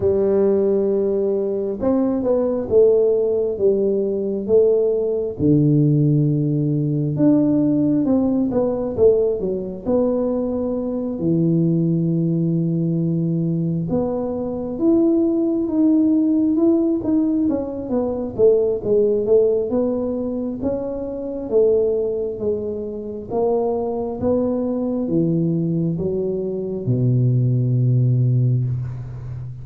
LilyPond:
\new Staff \with { instrumentName = "tuba" } { \time 4/4 \tempo 4 = 67 g2 c'8 b8 a4 | g4 a4 d2 | d'4 c'8 b8 a8 fis8 b4~ | b8 e2. b8~ |
b8 e'4 dis'4 e'8 dis'8 cis'8 | b8 a8 gis8 a8 b4 cis'4 | a4 gis4 ais4 b4 | e4 fis4 b,2 | }